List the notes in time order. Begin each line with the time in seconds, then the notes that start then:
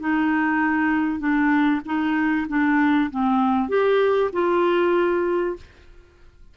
0.00 D#4
1.19 D4
1.86 D#4
2.49 D4
3.11 C4
3.69 G4
4.33 F4